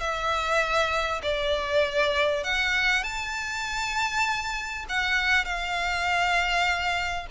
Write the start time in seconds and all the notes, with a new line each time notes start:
0.00 E5
1.22 D5
2.44 F#5
3.03 A5
4.89 F#5
5.45 F5